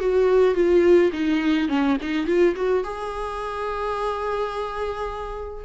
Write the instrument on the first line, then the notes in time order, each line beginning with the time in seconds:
viola
0.00 F#4
0.54 F4
1.13 D#4
1.69 C#4
2.02 D#4
2.27 F4
2.56 F#4
2.84 G#4